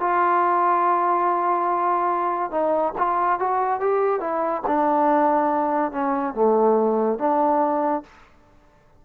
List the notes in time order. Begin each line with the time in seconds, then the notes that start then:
0.00 F4
2.51 D#4
2.98 F4
3.40 F#4
3.81 G4
4.21 E4
4.68 D4
5.93 C#4
6.35 A3
7.19 D4